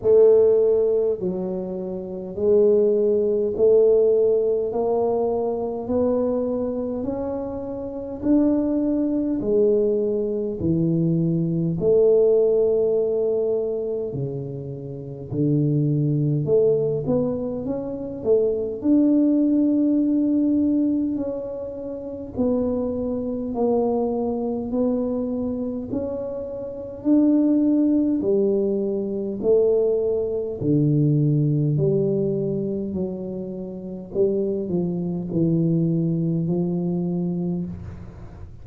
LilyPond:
\new Staff \with { instrumentName = "tuba" } { \time 4/4 \tempo 4 = 51 a4 fis4 gis4 a4 | ais4 b4 cis'4 d'4 | gis4 e4 a2 | cis4 d4 a8 b8 cis'8 a8 |
d'2 cis'4 b4 | ais4 b4 cis'4 d'4 | g4 a4 d4 g4 | fis4 g8 f8 e4 f4 | }